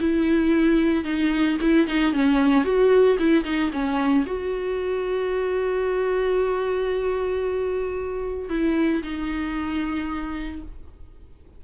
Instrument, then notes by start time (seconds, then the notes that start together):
viola
0.00 E4
1.04 D#4
1.61 E4
1.87 D#4
2.13 C#4
2.64 F#4
3.19 E4
3.44 D#4
3.72 C#4
4.26 F#4
8.49 E4
9.03 D#4